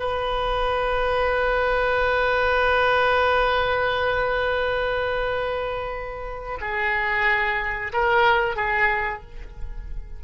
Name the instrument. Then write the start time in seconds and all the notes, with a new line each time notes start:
oboe
0.00 B4
6.61 G#4
7.93 A#4
8.57 G#4